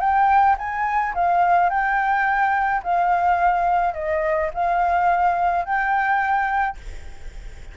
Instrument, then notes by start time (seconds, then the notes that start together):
flute
0.00 G5
0.58 G#5
1.14 F5
1.70 G5
2.83 F5
3.94 D#5
4.54 F5
5.65 G5